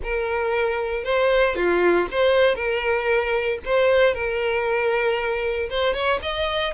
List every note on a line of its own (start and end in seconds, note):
0.03 1.04 A#4
1.04 1.55 C5
1.55 2.07 F4
2.11 2.55 C5
2.55 3.58 A#4
3.65 4.14 C5
4.14 5.69 A#4
5.69 5.93 C5
5.93 6.19 C#5
6.22 6.74 D#5